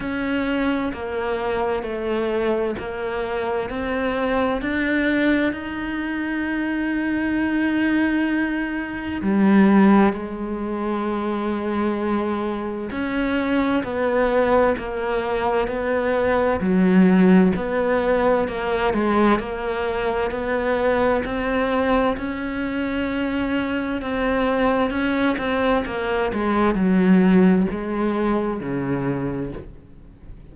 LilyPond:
\new Staff \with { instrumentName = "cello" } { \time 4/4 \tempo 4 = 65 cis'4 ais4 a4 ais4 | c'4 d'4 dis'2~ | dis'2 g4 gis4~ | gis2 cis'4 b4 |
ais4 b4 fis4 b4 | ais8 gis8 ais4 b4 c'4 | cis'2 c'4 cis'8 c'8 | ais8 gis8 fis4 gis4 cis4 | }